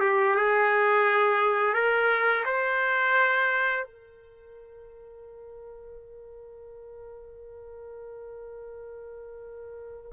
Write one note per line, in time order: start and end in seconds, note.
0.00 0.35 G4
0.35 1.73 G#4
1.73 2.43 A#4
2.45 3.84 C5
3.84 10.12 A#4